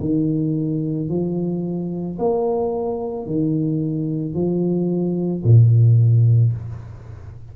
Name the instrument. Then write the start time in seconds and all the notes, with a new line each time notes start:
tuba
0.00 D#3
1.09 F3
2.18 A#3
3.26 D#3
4.34 F3
5.43 A#2